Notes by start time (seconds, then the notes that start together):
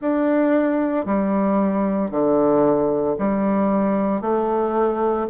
0.00 D4
1.05 G3
2.11 D3
3.18 G3
4.21 A3